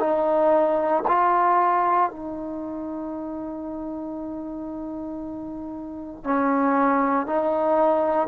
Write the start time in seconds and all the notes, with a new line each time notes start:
0.00 D#4
1.08 F4
2.11 D#4
6.24 C#4
7.26 D#4